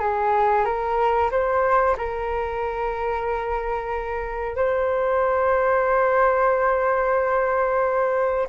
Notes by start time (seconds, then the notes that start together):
0.00 G#4
0.65 A#4
1.31 C5
1.97 A#4
4.56 C5